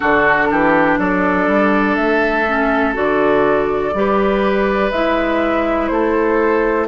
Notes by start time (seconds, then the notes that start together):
0.00 D3 D4 F#4 A4
0.50 E3 G4
0.98 F#3 A4 D5
1.47 G3
1.95 A3 E5
2.47 C#4
2.93 D3 F#4 D5
3.93 G3 G4 B4
4.90 G#3 E4 E5
5.87 A3 A4 C5